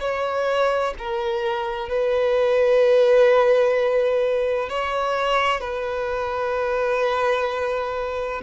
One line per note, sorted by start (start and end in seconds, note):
0.00 0.94 C#5
0.98 1.88 A#4
1.88 4.69 B4
4.69 5.60 C#5
5.60 8.41 B4